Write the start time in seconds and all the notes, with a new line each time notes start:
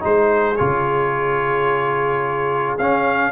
0.00 G#3 D#4 G#4 C5
0.56 C#3 F4 C#5
2.78 C#4 F5